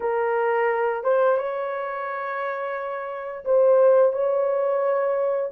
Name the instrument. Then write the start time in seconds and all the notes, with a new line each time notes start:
horn
0.00 A#4
1.03 C5
1.37 C#5
3.45 C5
4.12 C#5